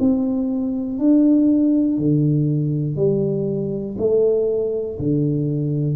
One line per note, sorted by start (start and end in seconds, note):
0.00 0.99 C4
0.99 1.99 D4
1.99 2.96 D3
2.96 3.96 G3
3.99 4.99 A3
4.99 5.96 D3